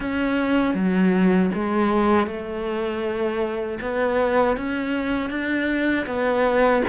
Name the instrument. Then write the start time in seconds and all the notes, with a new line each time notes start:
cello
0.00 C#4
0.74 F#3
1.54 G#3
2.26 A3
3.81 B3
4.56 C#4
5.30 D4
6.06 B3